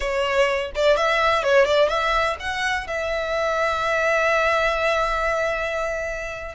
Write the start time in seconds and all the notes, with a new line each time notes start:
0.00 C#5
0.75 D5
0.96 E5
1.43 C#5
1.65 D5
1.88 E5
2.39 F#5
2.87 E5